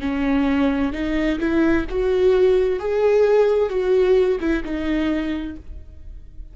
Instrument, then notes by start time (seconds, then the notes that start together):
viola
0.00 C#4
0.93 D#4
1.39 E4
1.89 F#4
2.79 G#4
3.69 F#4
4.40 E4
4.64 D#4